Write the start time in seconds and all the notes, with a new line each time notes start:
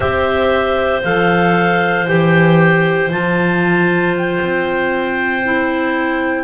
0.00 C4 G4 C5 E5
1.03 F3 A4 F5
2.07 E3 G4 G5
3.10 F3 F4 A5
4.17 G5
4.40 C4
5.44 E4